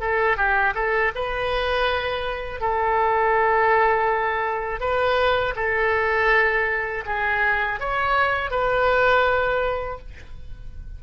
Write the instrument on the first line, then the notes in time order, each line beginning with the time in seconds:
oboe
0.00 A4
0.37 G4
0.74 A4
1.15 B4
2.60 A4
4.80 B4
5.56 A4
7.06 G#4
7.80 C#5
8.51 B4